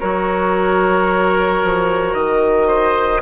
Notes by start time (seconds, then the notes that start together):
0.00 F#3 F#4 A#4 C#5
1.64 F3
2.14 D#3 D#5
2.68 C5